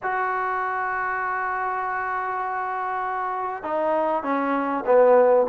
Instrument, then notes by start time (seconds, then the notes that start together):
trombone
0.02 F#4
3.63 D#4
4.23 C#4
4.85 B3